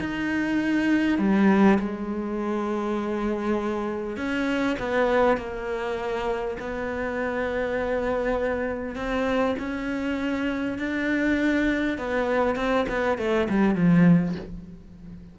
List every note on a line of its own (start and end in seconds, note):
0.00 1.18 D#4
1.18 1.78 G3
1.79 4.17 G#3
4.17 4.77 C#4
4.79 5.37 B3
5.37 6.57 A#3
6.60 8.96 B3
8.96 9.56 C4
9.59 10.78 C#4
10.78 11.98 D4
11.98 12.56 B3
12.56 12.86 C4
12.89 13.18 B3
13.18 13.48 A3
13.49 13.75 G3
13.75 14.35 F3